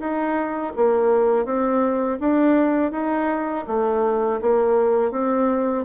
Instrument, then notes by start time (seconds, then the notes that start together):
bassoon
0.00 D#4
0.76 A#3
1.45 C4
2.20 D4
2.92 D#4
3.67 A3
4.41 A#3
5.12 C4